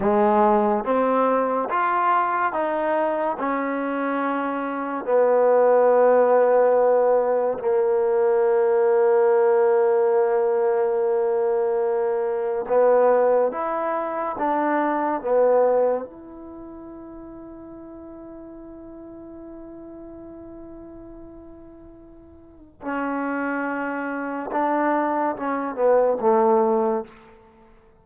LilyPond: \new Staff \with { instrumentName = "trombone" } { \time 4/4 \tempo 4 = 71 gis4 c'4 f'4 dis'4 | cis'2 b2~ | b4 ais2.~ | ais2. b4 |
e'4 d'4 b4 e'4~ | e'1~ | e'2. cis'4~ | cis'4 d'4 cis'8 b8 a4 | }